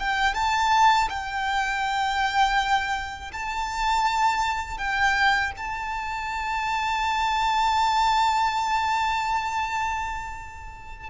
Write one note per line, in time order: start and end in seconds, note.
0.00 0.35 G5
0.35 1.09 A5
1.10 3.32 G5
3.33 4.78 A5
4.78 5.52 G5
5.58 11.10 A5